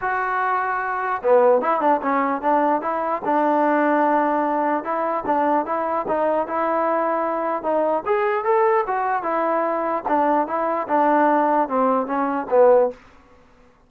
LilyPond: \new Staff \with { instrumentName = "trombone" } { \time 4/4 \tempo 4 = 149 fis'2. b4 | e'8 d'8 cis'4 d'4 e'4 | d'1 | e'4 d'4 e'4 dis'4 |
e'2. dis'4 | gis'4 a'4 fis'4 e'4~ | e'4 d'4 e'4 d'4~ | d'4 c'4 cis'4 b4 | }